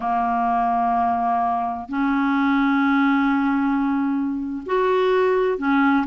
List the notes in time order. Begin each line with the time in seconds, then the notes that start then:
0.00 A#3
1.89 C#4
4.66 F#4
5.58 C#4